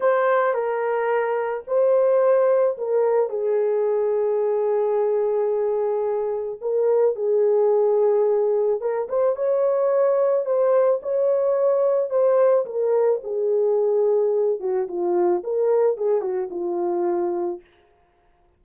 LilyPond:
\new Staff \with { instrumentName = "horn" } { \time 4/4 \tempo 4 = 109 c''4 ais'2 c''4~ | c''4 ais'4 gis'2~ | gis'1 | ais'4 gis'2. |
ais'8 c''8 cis''2 c''4 | cis''2 c''4 ais'4 | gis'2~ gis'8 fis'8 f'4 | ais'4 gis'8 fis'8 f'2 | }